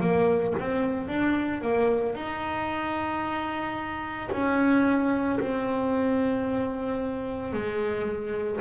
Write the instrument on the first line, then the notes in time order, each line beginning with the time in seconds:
double bass
0.00 A#3
0.59 C4
1.08 D4
1.61 A#3
2.15 D#4
4.32 C#4
5.40 C4
7.53 G#3